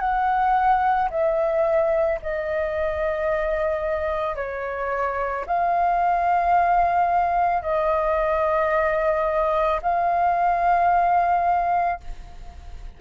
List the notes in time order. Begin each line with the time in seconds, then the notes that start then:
0.00 F#5
1.10 E5
2.22 D#5
4.36 C#5
5.46 F5
7.63 D#5
9.82 F5